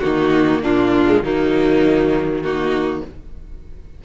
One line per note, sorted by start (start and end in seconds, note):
0.00 0.64 D#3
0.00 1.06 A#3
0.00 0.62 D#4
0.00 0.60 F#4
0.62 1.21 A#2
0.62 1.23 D4
0.62 1.24 F4
1.06 1.22 G#3
1.21 3.01 D#3
1.21 2.43 F#3
1.21 2.43 A#3
1.21 2.42 D#4
2.42 3.04 A#3
2.42 3.04 D#4
2.42 3.02 F#4